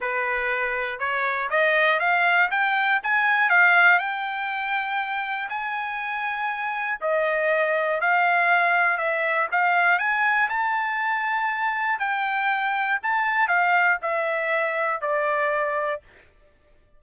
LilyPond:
\new Staff \with { instrumentName = "trumpet" } { \time 4/4 \tempo 4 = 120 b'2 cis''4 dis''4 | f''4 g''4 gis''4 f''4 | g''2. gis''4~ | gis''2 dis''2 |
f''2 e''4 f''4 | gis''4 a''2. | g''2 a''4 f''4 | e''2 d''2 | }